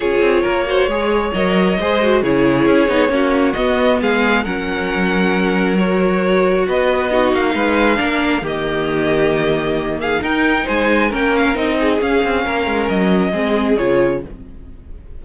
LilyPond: <<
  \new Staff \with { instrumentName = "violin" } { \time 4/4 \tempo 4 = 135 cis''2. dis''4~ | dis''4 cis''2. | dis''4 f''4 fis''2~ | fis''4 cis''2 dis''4~ |
dis''8 f''2~ f''8 dis''4~ | dis''2~ dis''8 f''8 g''4 | gis''4 g''8 f''8 dis''4 f''4~ | f''4 dis''2 cis''4 | }
  \new Staff \with { instrumentName = "violin" } { \time 4/4 gis'4 ais'8 c''8 cis''2 | c''4 gis'2 fis'4~ | fis'4 gis'4 ais'2~ | ais'2. b'4 |
fis'4 b'4 ais'4 g'4~ | g'2~ g'8 gis'8 ais'4 | c''4 ais'4. gis'4. | ais'2 gis'2 | }
  \new Staff \with { instrumentName = "viola" } { \time 4/4 f'4. fis'8 gis'4 ais'4 | gis'8 fis'8 e'4. dis'8 cis'4 | b2 cis'2~ | cis'4 fis'2. |
dis'2 d'4 ais4~ | ais2. dis'4~ | dis'4 cis'4 dis'4 cis'4~ | cis'2 c'4 f'4 | }
  \new Staff \with { instrumentName = "cello" } { \time 4/4 cis'8 c'8 ais4 gis4 fis4 | gis4 cis4 cis'8 b8 ais4 | b4 gis4 fis2~ | fis2. b4~ |
b8 ais8 gis4 ais4 dis4~ | dis2. dis'4 | gis4 ais4 c'4 cis'8 c'8 | ais8 gis8 fis4 gis4 cis4 | }
>>